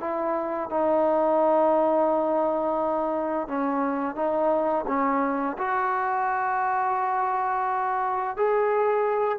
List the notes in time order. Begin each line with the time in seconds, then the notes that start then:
0.00 E4
0.69 D#4
3.48 C#4
4.15 D#4
4.87 C#4
5.58 F#4
8.37 G#4